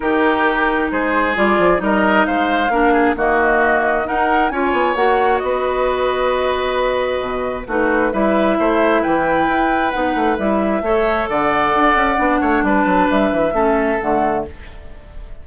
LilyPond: <<
  \new Staff \with { instrumentName = "flute" } { \time 4/4 \tempo 4 = 133 ais'2 c''4 d''4 | dis''4 f''2 dis''4~ | dis''4 fis''4 gis''4 fis''4 | dis''1~ |
dis''4 b'4 e''2 | g''2 fis''4 e''4~ | e''4 fis''2. | a''4 e''2 fis''4 | }
  \new Staff \with { instrumentName = "oboe" } { \time 4/4 g'2 gis'2 | ais'4 c''4 ais'8 gis'8 fis'4~ | fis'4 ais'4 cis''2 | b'1~ |
b'4 fis'4 b'4 c''4 | b'1 | cis''4 d''2~ d''8 cis''8 | b'2 a'2 | }
  \new Staff \with { instrumentName = "clarinet" } { \time 4/4 dis'2. f'4 | dis'2 d'4 ais4~ | ais4 dis'4 f'4 fis'4~ | fis'1~ |
fis'4 dis'4 e'2~ | e'2 dis'4 e'4 | a'2. d'4~ | d'2 cis'4 a4 | }
  \new Staff \with { instrumentName = "bassoon" } { \time 4/4 dis2 gis4 g8 f8 | g4 gis4 ais4 dis4~ | dis4 dis'4 cis'8 b8 ais4 | b1 |
b,4 a4 g4 a4 | e4 e'4 b8 a8 g4 | a4 d4 d'8 cis'8 b8 a8 | g8 fis8 g8 e8 a4 d4 | }
>>